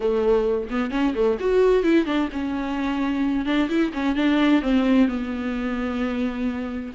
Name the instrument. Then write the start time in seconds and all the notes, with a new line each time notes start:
viola
0.00 A3
0.70 B3
0.91 C#4
1.14 A3
1.39 F#4
1.83 E4
2.05 D4
2.32 C#4
3.45 D4
3.69 E4
3.93 C#4
4.15 D4
4.62 C4
5.07 B3